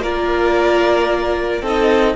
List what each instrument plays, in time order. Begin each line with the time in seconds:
0.00 cello A#3, viola F4, violin A#4 D5
1.61 cello C4, viola D#4, violin A4 D#5